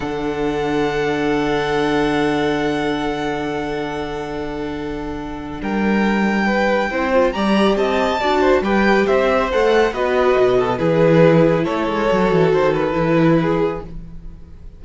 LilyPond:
<<
  \new Staff \with { instrumentName = "violin" } { \time 4/4 \tempo 4 = 139 fis''1~ | fis''1~ | fis''1~ | fis''4 g''2.~ |
g''4 ais''4 a''2 | g''4 e''4 fis''4 dis''4~ | dis''4 b'2 cis''4~ | cis''4 c''8 b'2~ b'8 | }
  \new Staff \with { instrumentName = "violin" } { \time 4/4 a'1~ | a'1~ | a'1~ | a'4 ais'2 b'4 |
c''4 d''4 dis''4 d''8 c''8 | b'4 c''2 b'4~ | b'8 a'8 gis'2 a'4~ | a'2. gis'4 | }
  \new Staff \with { instrumentName = "viola" } { \time 4/4 d'1~ | d'1~ | d'1~ | d'1 |
e'8 f'8 g'2 fis'4 | g'2 a'4 fis'4~ | fis'4 e'2. | fis'2 e'2 | }
  \new Staff \with { instrumentName = "cello" } { \time 4/4 d1~ | d1~ | d1~ | d4 g2. |
c'4 g4 c'4 d'4 | g4 c'4 a4 b4 | b,4 e2 a8 gis8 | fis8 e8 dis4 e2 | }
>>